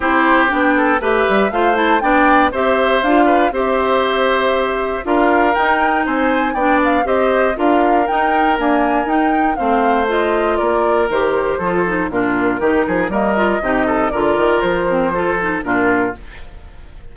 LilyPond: <<
  \new Staff \with { instrumentName = "flute" } { \time 4/4 \tempo 4 = 119 c''4 g''4 e''4 f''8 a''8 | g''4 e''4 f''4 e''4~ | e''2 f''4 g''4 | gis''4 g''8 f''8 dis''4 f''4 |
g''4 gis''4 g''4 f''4 | dis''4 d''4 c''2 | ais'2 dis''2 | d''4 c''2 ais'4 | }
  \new Staff \with { instrumentName = "oboe" } { \time 4/4 g'4. a'8 b'4 c''4 | d''4 c''4. b'8 c''4~ | c''2 ais'2 | c''4 d''4 c''4 ais'4~ |
ais'2. c''4~ | c''4 ais'2 a'4 | f'4 g'8 gis'8 ais'4 g'8 a'8 | ais'2 a'4 f'4 | }
  \new Staff \with { instrumentName = "clarinet" } { \time 4/4 e'4 d'4 g'4 f'8 e'8 | d'4 g'4 f'4 g'4~ | g'2 f'4 dis'4~ | dis'4 d'4 g'4 f'4 |
dis'4 ais4 dis'4 c'4 | f'2 g'4 f'8 dis'8 | d'4 dis'4 ais8 f'8 dis'4 | f'4. c'8 f'8 dis'8 d'4 | }
  \new Staff \with { instrumentName = "bassoon" } { \time 4/4 c'4 b4 a8 g8 a4 | b4 c'4 d'4 c'4~ | c'2 d'4 dis'4 | c'4 b4 c'4 d'4 |
dis'4 d'4 dis'4 a4~ | a4 ais4 dis4 f4 | ais,4 dis8 f8 g4 c4 | d8 dis8 f2 ais,4 | }
>>